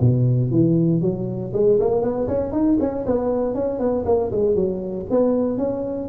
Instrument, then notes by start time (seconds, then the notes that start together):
tuba
0.00 B2
0.51 E3
1.01 F#3
1.53 G#3
1.79 A#3
2.01 B3
2.27 C#4
2.52 D#4
2.79 C#4
3.06 B3
3.54 C#4
3.79 B3
4.05 A#3
4.31 G#3
4.55 F#3
5.10 B3
5.57 C#4